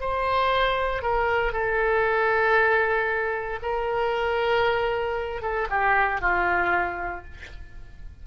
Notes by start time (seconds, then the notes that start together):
0.00 C5
1.02 A#4
1.52 A4
3.62 A#4
5.42 A4
5.69 G4
6.21 F4